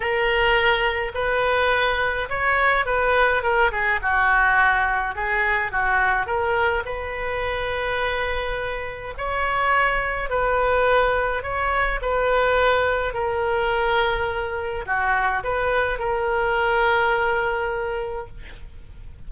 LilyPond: \new Staff \with { instrumentName = "oboe" } { \time 4/4 \tempo 4 = 105 ais'2 b'2 | cis''4 b'4 ais'8 gis'8 fis'4~ | fis'4 gis'4 fis'4 ais'4 | b'1 |
cis''2 b'2 | cis''4 b'2 ais'4~ | ais'2 fis'4 b'4 | ais'1 | }